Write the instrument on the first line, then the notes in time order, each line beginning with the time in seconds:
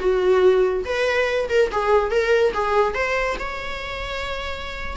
viola
0.00 F#4
0.85 B4
1.49 A#4
1.72 G#4
2.11 A#4
2.54 G#4
2.95 C5
3.39 C#5